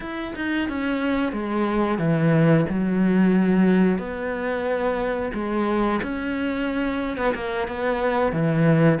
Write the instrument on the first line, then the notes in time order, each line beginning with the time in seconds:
cello
0.00 E4
0.35 D#4
0.68 C#4
1.32 G#3
1.98 E3
2.69 F#3
3.98 B3
5.33 G#3
6.02 C#4
7.17 B3
7.34 A#3
7.67 B3
8.32 E3